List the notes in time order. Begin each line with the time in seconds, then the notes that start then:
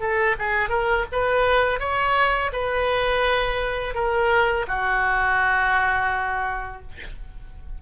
0.00 A4
0.39 G#4
0.69 A#4
1.12 B4
1.80 C#5
2.52 B4
3.94 A#4
4.68 F#4